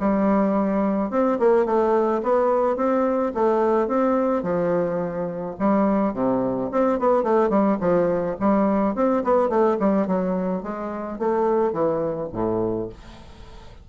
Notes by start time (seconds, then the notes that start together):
0.00 G3
1.11 C4
1.39 A#3
1.65 A3
2.23 B3
2.76 C4
3.35 A3
3.88 C4
4.43 F3
5.59 G3
6.14 C3
6.72 C4
6.99 B3
7.23 A3
7.50 G3
7.80 F3
8.40 G3
8.95 C4
9.24 B3
9.49 A3
9.80 G3
10.08 F#3
10.63 G#3
11.19 A3
11.73 E3
12.33 A2